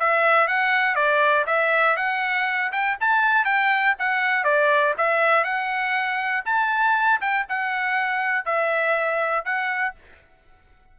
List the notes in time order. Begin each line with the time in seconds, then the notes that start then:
0.00 E5
0.48 F#5
0.95 D5
1.47 E5
1.97 F#5
2.72 G5
3.01 A5
3.45 G5
3.99 F#5
4.44 D5
4.98 E5
5.44 F#5
6.45 A5
7.21 G5
7.49 F#5
8.45 E5
9.45 F#5